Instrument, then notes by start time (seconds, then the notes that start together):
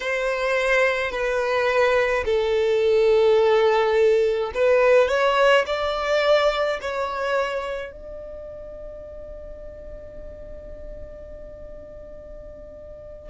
violin
0.00 C5
1.11 B4
2.25 A4
4.54 B4
5.08 C#5
5.66 D5
6.81 C#5
7.92 D5